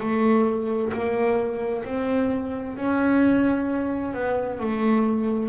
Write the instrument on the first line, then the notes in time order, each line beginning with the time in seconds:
double bass
0.00 A3
0.93 A#3
1.85 C4
2.77 C#4
4.14 B3
4.60 A3